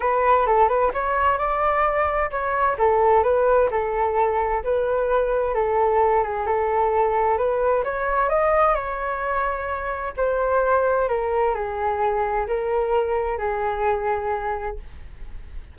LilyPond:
\new Staff \with { instrumentName = "flute" } { \time 4/4 \tempo 4 = 130 b'4 a'8 b'8 cis''4 d''4~ | d''4 cis''4 a'4 b'4 | a'2 b'2 | a'4. gis'8 a'2 |
b'4 cis''4 dis''4 cis''4~ | cis''2 c''2 | ais'4 gis'2 ais'4~ | ais'4 gis'2. | }